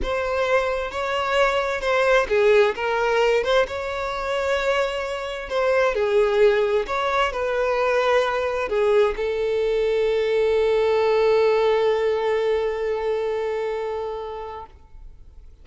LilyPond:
\new Staff \with { instrumentName = "violin" } { \time 4/4 \tempo 4 = 131 c''2 cis''2 | c''4 gis'4 ais'4. c''8 | cis''1 | c''4 gis'2 cis''4 |
b'2. gis'4 | a'1~ | a'1~ | a'1 | }